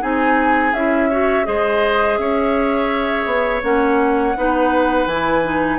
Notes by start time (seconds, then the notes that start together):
0.00 C4 D#4 G#4 G#5
0.73 C#4 E4 E5
1.10 F#4 C#5
1.44 G#3 G#4 C5 D#5
2.17 C#4 C#5 E5
3.25 B3
3.63 A#3 C#4 F#5
4.36 B3 D#4 B4
5.06 E3 E4 G#5
5.44 D#4